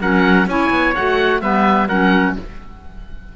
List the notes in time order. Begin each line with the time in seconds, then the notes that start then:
0.00 F#3 C#4 A#4 F#5
0.46 C#4 E4 C#5 G#5
0.70 B3
0.94 A3 F#4 F#5
1.40 G3 B3 B4 E5
1.88 F#3 C#4 A#4 F#5